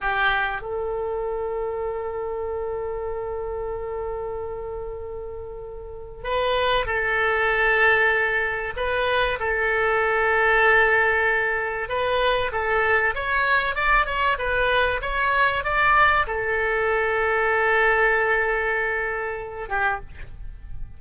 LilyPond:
\new Staff \with { instrumentName = "oboe" } { \time 4/4 \tempo 4 = 96 g'4 a'2.~ | a'1~ | a'2 b'4 a'4~ | a'2 b'4 a'4~ |
a'2. b'4 | a'4 cis''4 d''8 cis''8 b'4 | cis''4 d''4 a'2~ | a'2.~ a'8 g'8 | }